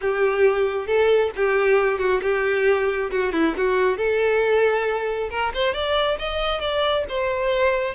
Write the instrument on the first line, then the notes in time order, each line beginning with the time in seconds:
violin
0.01 G4
0.86 A4
1.36 G4
1.98 F#4
2.22 G4
3.10 F#4
3.32 E4
3.57 F#4
3.97 A4
5.30 A#4
5.54 C5
5.74 D5
6.18 D#5
6.60 D5
7.08 C5